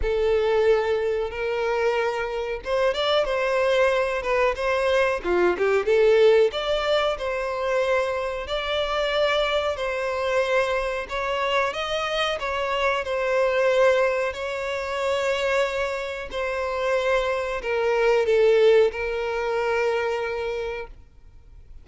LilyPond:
\new Staff \with { instrumentName = "violin" } { \time 4/4 \tempo 4 = 92 a'2 ais'2 | c''8 d''8 c''4. b'8 c''4 | f'8 g'8 a'4 d''4 c''4~ | c''4 d''2 c''4~ |
c''4 cis''4 dis''4 cis''4 | c''2 cis''2~ | cis''4 c''2 ais'4 | a'4 ais'2. | }